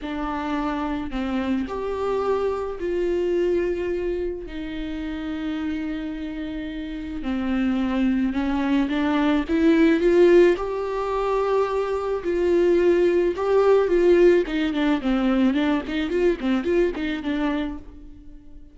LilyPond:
\new Staff \with { instrumentName = "viola" } { \time 4/4 \tempo 4 = 108 d'2 c'4 g'4~ | g'4 f'2. | dis'1~ | dis'4 c'2 cis'4 |
d'4 e'4 f'4 g'4~ | g'2 f'2 | g'4 f'4 dis'8 d'8 c'4 | d'8 dis'8 f'8 c'8 f'8 dis'8 d'4 | }